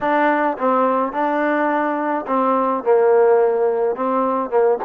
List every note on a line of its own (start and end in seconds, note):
0.00 0.57 D4
0.57 1.12 C4
1.12 2.25 D4
2.26 2.83 C4
2.83 3.95 A#3
3.95 4.49 C4
4.49 4.78 A#3